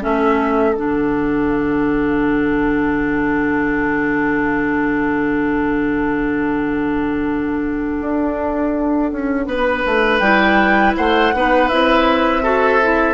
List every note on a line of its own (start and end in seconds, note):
0.00 0.76 A3
0.00 0.74 C#4
0.00 9.46 A4
0.00 0.75 E5
0.75 7.98 D3
0.75 10.20 D4
0.75 10.19 F#5
8.01 9.12 D4
9.12 9.46 C#4
9.46 9.83 B3
9.46 10.96 B4
9.85 10.20 A3
10.19 10.94 G3
10.19 11.33 E4
10.19 10.93 G5
10.97 11.34 A3
10.97 11.34 C5
10.97 11.68 F#5
11.34 11.71 B3
11.34 11.71 D#4
11.34 12.43 B4
11.68 13.14 C4
11.68 12.43 E4
11.68 13.14 E5
12.43 12.80 F#4
12.43 13.14 A4
12.82 13.14 E4